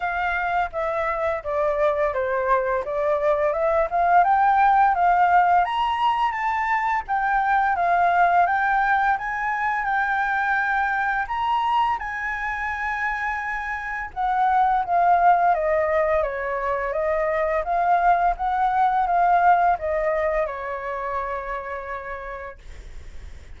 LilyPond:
\new Staff \with { instrumentName = "flute" } { \time 4/4 \tempo 4 = 85 f''4 e''4 d''4 c''4 | d''4 e''8 f''8 g''4 f''4 | ais''4 a''4 g''4 f''4 | g''4 gis''4 g''2 |
ais''4 gis''2. | fis''4 f''4 dis''4 cis''4 | dis''4 f''4 fis''4 f''4 | dis''4 cis''2. | }